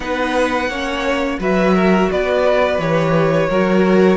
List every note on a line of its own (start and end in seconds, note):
0.00 0.68 B3
0.00 0.70 D#4
0.00 0.69 B4
0.00 1.39 F#5
0.68 1.38 A#3
0.68 1.40 C#4
0.68 1.39 C#5
1.39 2.09 F#3
1.39 2.79 F#4
1.39 1.74 B4
1.39 2.11 E5
1.74 2.09 A#4
2.11 2.78 B3
2.11 3.49 B4
2.11 2.80 D5
2.78 3.48 E3
2.78 3.49 G4
2.78 4.17 C#5
3.49 4.17 F#3
3.49 4.17 F#4
3.49 4.17 A#4